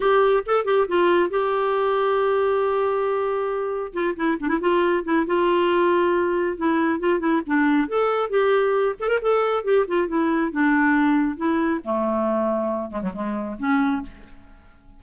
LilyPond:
\new Staff \with { instrumentName = "clarinet" } { \time 4/4 \tempo 4 = 137 g'4 a'8 g'8 f'4 g'4~ | g'1~ | g'4 f'8 e'8 d'16 e'16 f'4 e'8 | f'2. e'4 |
f'8 e'8 d'4 a'4 g'4~ | g'8 a'16 ais'16 a'4 g'8 f'8 e'4 | d'2 e'4 a4~ | a4. gis16 fis16 gis4 cis'4 | }